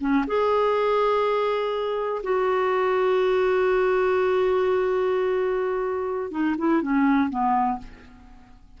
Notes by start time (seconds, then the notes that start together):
0.00 C#4
0.27 G#4
2.23 F#4
6.31 D#4
6.58 E4
6.81 C#4
7.29 B3